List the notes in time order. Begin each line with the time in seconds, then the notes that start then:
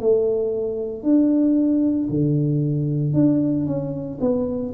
0.00 A3
1.03 D4
2.10 D3
3.13 D4
3.66 C#4
4.21 B3